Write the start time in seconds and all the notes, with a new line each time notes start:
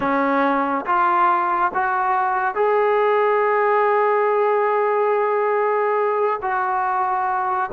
0.00 C#4
0.85 F4
1.74 F#4
2.54 G#4
6.42 F#4